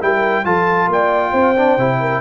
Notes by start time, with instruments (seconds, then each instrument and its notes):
0.00 tuba G3, trombone E4, horn A#4, trumpet G5
0.44 tuba F3, trombone F4, horn A4, trumpet A5
0.87 tuba A#3, horn D5, trumpet G5
1.31 tuba C4, horn C5
1.56 trombone D4
1.77 tuba C3, trombone E4
2.00 horn A#4